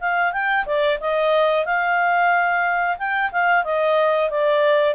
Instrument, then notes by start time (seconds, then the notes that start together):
clarinet
0.00 F5
0.32 G5
0.66 D5
1.00 D#5
1.65 F5
2.98 G5
3.31 F5
3.64 D#5
4.30 D5